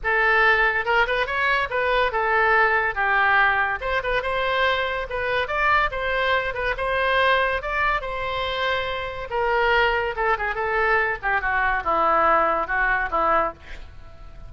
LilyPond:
\new Staff \with { instrumentName = "oboe" } { \time 4/4 \tempo 4 = 142 a'2 ais'8 b'8 cis''4 | b'4 a'2 g'4~ | g'4 c''8 b'8 c''2 | b'4 d''4 c''4. b'8 |
c''2 d''4 c''4~ | c''2 ais'2 | a'8 gis'8 a'4. g'8 fis'4 | e'2 fis'4 e'4 | }